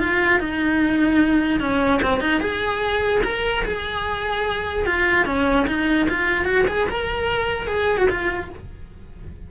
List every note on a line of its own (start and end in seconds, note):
0.00 0.40 F4
0.40 1.60 D#4
1.60 2.01 C#4
2.03 2.21 C4
2.21 2.41 D#4
2.41 3.22 G#4
3.24 3.64 A#4
3.65 4.86 G#4
4.86 5.26 F4
5.26 5.67 C#4
5.67 6.08 D#4
6.10 6.45 F4
6.45 6.65 F#4
6.68 6.88 G#4
6.89 7.68 A#4
7.68 7.98 G#4
7.98 8.08 F#4
8.10 8.50 F4